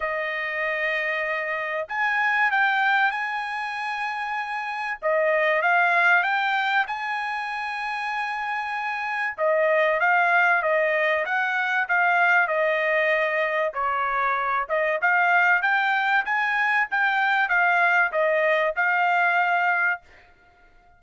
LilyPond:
\new Staff \with { instrumentName = "trumpet" } { \time 4/4 \tempo 4 = 96 dis''2. gis''4 | g''4 gis''2. | dis''4 f''4 g''4 gis''4~ | gis''2. dis''4 |
f''4 dis''4 fis''4 f''4 | dis''2 cis''4. dis''8 | f''4 g''4 gis''4 g''4 | f''4 dis''4 f''2 | }